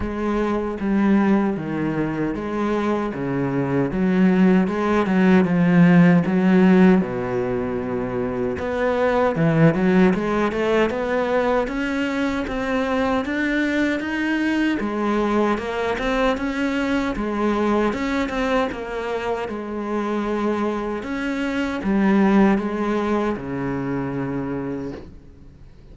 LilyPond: \new Staff \with { instrumentName = "cello" } { \time 4/4 \tempo 4 = 77 gis4 g4 dis4 gis4 | cis4 fis4 gis8 fis8 f4 | fis4 b,2 b4 | e8 fis8 gis8 a8 b4 cis'4 |
c'4 d'4 dis'4 gis4 | ais8 c'8 cis'4 gis4 cis'8 c'8 | ais4 gis2 cis'4 | g4 gis4 cis2 | }